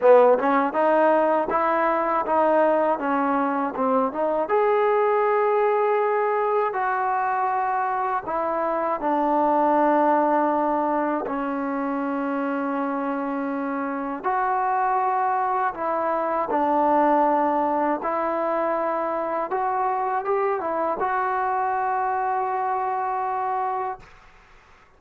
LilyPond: \new Staff \with { instrumentName = "trombone" } { \time 4/4 \tempo 4 = 80 b8 cis'8 dis'4 e'4 dis'4 | cis'4 c'8 dis'8 gis'2~ | gis'4 fis'2 e'4 | d'2. cis'4~ |
cis'2. fis'4~ | fis'4 e'4 d'2 | e'2 fis'4 g'8 e'8 | fis'1 | }